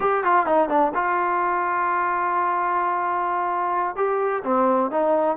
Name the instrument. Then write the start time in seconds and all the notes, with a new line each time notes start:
trombone
0.00 G4
0.24 F4
0.46 D#4
0.68 D4
0.94 F4
3.95 G4
4.44 C4
4.90 D#4